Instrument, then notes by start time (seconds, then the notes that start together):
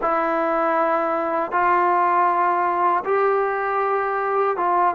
trombone
0.01 E4
1.51 F4
3.04 G4
4.56 F4